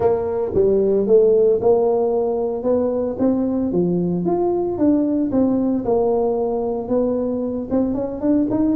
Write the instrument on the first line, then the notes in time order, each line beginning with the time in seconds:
tuba
0.00 A#3
0.54 G3
1.06 A3
1.61 A#3
2.63 B3
3.19 C4
3.72 F3
4.25 F4
4.77 D4
5.31 C4
5.84 A#3
6.88 B3
7.70 C4
7.94 C#4
8.20 D4
8.50 D#4